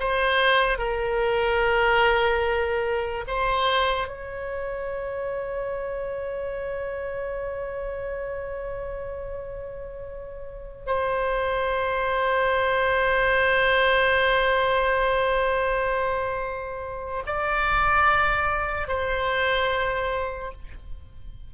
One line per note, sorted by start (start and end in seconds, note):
0.00 0.78 C5
0.78 3.25 A#4
3.28 4.08 C5
4.08 10.86 C#5
10.86 17.23 C5
17.26 18.88 D5
18.88 20.52 C5